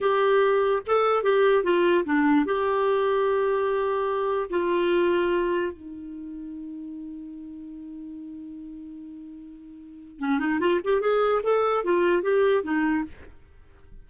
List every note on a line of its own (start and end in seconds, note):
0.00 0.82 G4
0.86 1.23 A4
1.23 1.63 G4
1.63 2.04 F4
2.04 2.45 D4
2.45 4.49 G4
4.50 5.72 F4
5.72 10.19 D#4
10.19 10.39 C#4
10.39 10.59 D#4
10.60 10.80 F4
10.84 11.00 G4
11.00 11.41 G#4
11.43 11.83 A4
11.83 12.22 F4
12.22 12.63 G4
12.63 13.04 D#4